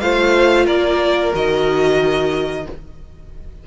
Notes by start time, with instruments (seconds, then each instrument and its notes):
0.00 cello A3, viola F4, violin C5 F5
0.66 cello A#3, violin A#4 D5
1.33 cello D#3, viola F#4, violin D#5